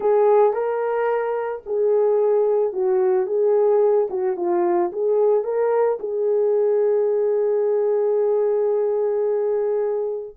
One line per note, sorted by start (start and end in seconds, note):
0.00 0.53 G#4
0.53 1.62 A#4
1.66 2.72 G#4
2.72 3.26 F#4
3.26 4.08 G#4
4.10 4.36 F#4
4.36 4.91 F4
4.92 5.44 G#4
5.44 5.98 A#4
5.99 10.36 G#4